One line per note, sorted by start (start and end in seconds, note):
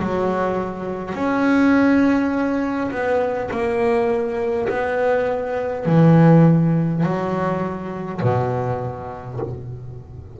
0.00 1.14 F#3
1.14 2.91 C#4
2.91 3.50 B3
3.51 4.68 A#3
4.68 5.86 B3
5.86 7.03 E3
7.03 8.21 F#3
8.22 9.40 B2